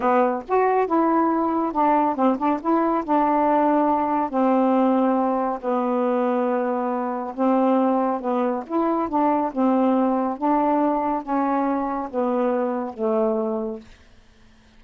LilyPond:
\new Staff \with { instrumentName = "saxophone" } { \time 4/4 \tempo 4 = 139 b4 fis'4 e'2 | d'4 c'8 d'8 e'4 d'4~ | d'2 c'2~ | c'4 b2.~ |
b4 c'2 b4 | e'4 d'4 c'2 | d'2 cis'2 | b2 a2 | }